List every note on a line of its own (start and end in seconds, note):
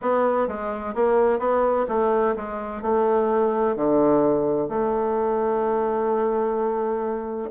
0.01 0.47 B3
0.47 0.94 G#3
0.94 1.39 A#3
1.39 1.86 B3
1.88 2.35 A3
2.36 2.82 G#3
2.82 3.75 A3
3.76 4.68 D3
4.68 7.50 A3